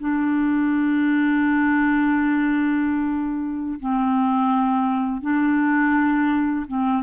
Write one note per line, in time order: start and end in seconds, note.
0.00 3.80 D4
3.80 5.22 C4
5.22 6.66 D4
6.67 7.03 C4